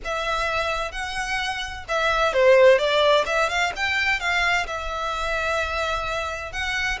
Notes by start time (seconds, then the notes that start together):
0.04 E5
0.91 F#5
1.88 E5
2.33 C5
2.78 D5
3.26 E5
3.49 F5
3.76 G5
4.20 F5
4.66 E5
6.52 F#5